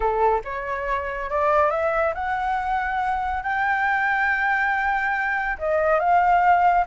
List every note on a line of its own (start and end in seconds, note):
0.00 0.41 A4
0.44 1.30 C#5
1.30 1.70 D5
1.70 2.13 E5
2.14 3.43 F#5
3.43 5.57 G5
5.58 5.99 D#5
5.99 6.85 F5